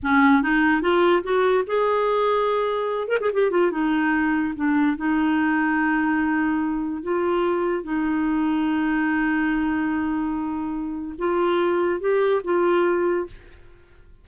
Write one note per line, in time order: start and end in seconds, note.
0.02 0.42 C#4
0.42 0.81 D#4
0.81 1.23 F4
1.23 1.64 F#4
1.66 3.07 G#4
3.07 3.18 A#4
3.20 3.30 G#4
3.33 3.51 G4
3.51 3.71 F4
3.71 4.53 D#4
4.55 4.96 D4
4.96 7.03 D#4
7.03 7.83 F4
7.83 11.14 D#4
11.18 12.00 F4
12.00 12.41 G4
12.43 13.26 F4